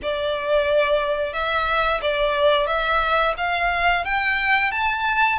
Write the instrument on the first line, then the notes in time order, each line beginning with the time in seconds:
violin
0.02 D5
1.33 E5
2.01 D5
2.66 E5
3.37 F5
4.04 G5
4.71 A5